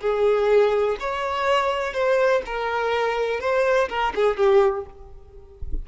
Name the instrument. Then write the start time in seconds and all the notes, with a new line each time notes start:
violin
0.00 G#4
0.99 C#5
1.93 C5
2.45 A#4
3.40 C5
3.89 A#4
4.15 G#4
4.37 G4